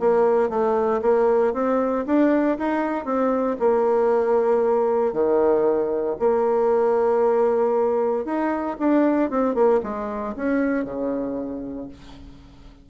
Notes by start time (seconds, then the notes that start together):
0.00 A#3
0.50 A3
1.02 A#3
1.54 C4
2.06 D4
2.59 D#4
3.05 C4
3.59 A#3
5.13 D#3
6.20 A#3
8.25 D#4
8.79 D4
9.30 C4
9.55 A#3
9.83 G#3
10.36 C#4
10.85 C#3